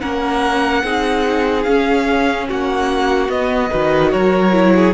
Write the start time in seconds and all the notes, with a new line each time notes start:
0.00 A#3 C#4 A#4 F#5
0.83 C4 D#4 G#4
1.63 C#4 F5
2.48 A#3 F#4 F#5
3.28 B3 D#5
3.70 D#3 F#4 B4
4.11 F#3 A#4 C#5
4.52 E4
4.75 G#4